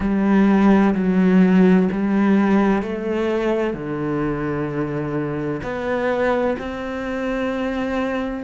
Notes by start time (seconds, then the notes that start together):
0.00 G3
0.95 F#3
1.91 G3
2.82 A3
3.73 D3
5.62 B3
6.58 C4